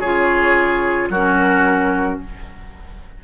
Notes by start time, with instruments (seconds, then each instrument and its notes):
0.00 bassoon C#3, clarinet F4, oboe G#4, flute C#5
1.09 bassoon F#3, clarinet C#4, oboe F#4, flute A#4